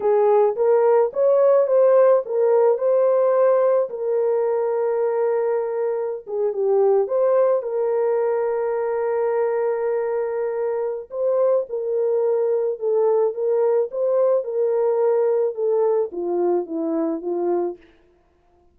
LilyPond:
\new Staff \with { instrumentName = "horn" } { \time 4/4 \tempo 4 = 108 gis'4 ais'4 cis''4 c''4 | ais'4 c''2 ais'4~ | ais'2.~ ais'16 gis'8 g'16~ | g'8. c''4 ais'2~ ais'16~ |
ais'1 | c''4 ais'2 a'4 | ais'4 c''4 ais'2 | a'4 f'4 e'4 f'4 | }